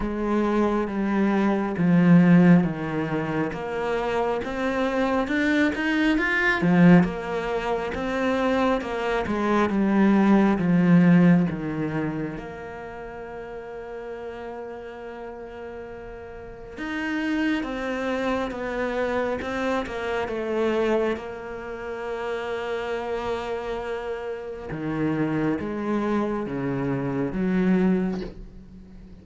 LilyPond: \new Staff \with { instrumentName = "cello" } { \time 4/4 \tempo 4 = 68 gis4 g4 f4 dis4 | ais4 c'4 d'8 dis'8 f'8 f8 | ais4 c'4 ais8 gis8 g4 | f4 dis4 ais2~ |
ais2. dis'4 | c'4 b4 c'8 ais8 a4 | ais1 | dis4 gis4 cis4 fis4 | }